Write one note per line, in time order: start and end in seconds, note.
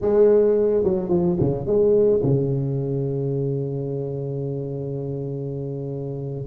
0.01 0.83 G#3
0.83 1.09 F#3
1.09 1.36 F3
1.40 1.66 C#3
1.66 2.21 G#3
2.23 6.47 C#3